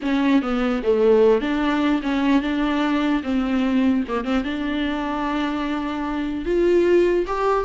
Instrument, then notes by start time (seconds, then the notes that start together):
viola
0.02 C#4
0.42 B3
0.83 A3
1.41 D4
2.02 C#4
2.42 D4
3.23 C4
4.07 A#3
4.24 C4
4.43 D4
6.45 F4
7.26 G4